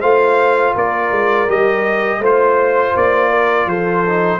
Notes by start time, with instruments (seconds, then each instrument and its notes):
0.00 tuba A3, trombone F4, horn C5, trumpet F5
0.74 tuba A#3, horn A#4, trumpet D5
1.11 tuba G#3
1.48 tuba G3, trombone G4, trumpet D#5
2.19 tuba A3, trombone F4, horn C5, trumpet C5
2.96 tuba A#3, trumpet D5
3.30 horn A#4
3.65 tuba F3, horn A4, trumpet C5
4.06 trombone D#4